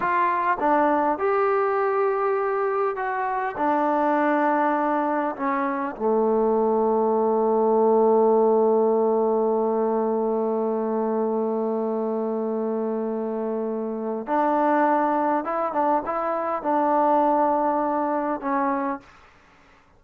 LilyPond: \new Staff \with { instrumentName = "trombone" } { \time 4/4 \tempo 4 = 101 f'4 d'4 g'2~ | g'4 fis'4 d'2~ | d'4 cis'4 a2~ | a1~ |
a1~ | a1 | d'2 e'8 d'8 e'4 | d'2. cis'4 | }